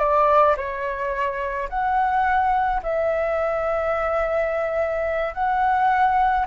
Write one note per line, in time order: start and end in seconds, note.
0.00 0.56 D5
0.57 1.69 C#5
1.70 2.82 F#5
2.83 5.34 E5
5.34 6.46 F#5